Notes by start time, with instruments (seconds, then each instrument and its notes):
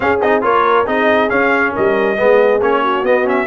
0.00 trombone C#4, tuba C#4, horn G#4, trumpet F5
0.21 tuba C4, trombone D#4, trumpet D#5
0.41 tuba A#3, trombone F4, horn A#4, trumpet C#5
0.86 tuba C4, trombone D#4, horn G#4, trumpet D#5
1.29 trombone C#4, tuba C#4, trumpet F5
1.72 tuba G3, horn A#4, trumpet D#5
2.16 tuba G#3, trombone B3, horn G#4
2.60 tuba A#3, trombone C#4, trumpet C#5
2.82 horn F#4
3.02 tuba B3, trombone B3, trumpet D#5
3.24 trombone C#4, trumpet E5